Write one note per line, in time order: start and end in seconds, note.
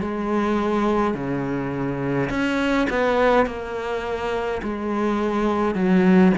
0.00 1.14 G#3
1.14 2.29 C#3
2.30 2.87 C#4
2.90 3.46 B3
3.46 4.61 A#3
4.62 5.75 G#3
5.75 6.33 F#3